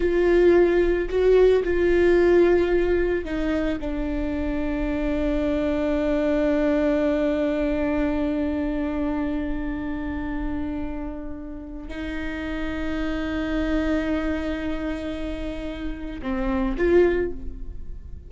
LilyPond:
\new Staff \with { instrumentName = "viola" } { \time 4/4 \tempo 4 = 111 f'2 fis'4 f'4~ | f'2 dis'4 d'4~ | d'1~ | d'1~ |
d'1~ | d'2 dis'2~ | dis'1~ | dis'2 c'4 f'4 | }